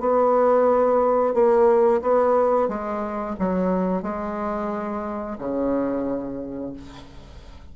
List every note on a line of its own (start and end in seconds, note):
0.00 1.34 B3
1.34 2.01 A#3
2.02 2.68 B3
2.68 3.36 G#3
3.39 4.02 F#3
4.02 5.37 G#3
5.39 6.74 C#3